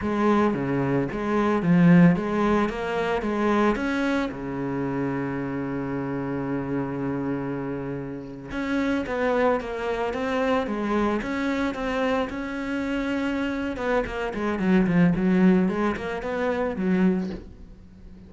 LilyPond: \new Staff \with { instrumentName = "cello" } { \time 4/4 \tempo 4 = 111 gis4 cis4 gis4 f4 | gis4 ais4 gis4 cis'4 | cis1~ | cis2.~ cis8. cis'16~ |
cis'8. b4 ais4 c'4 gis16~ | gis8. cis'4 c'4 cis'4~ cis'16~ | cis'4. b8 ais8 gis8 fis8 f8 | fis4 gis8 ais8 b4 fis4 | }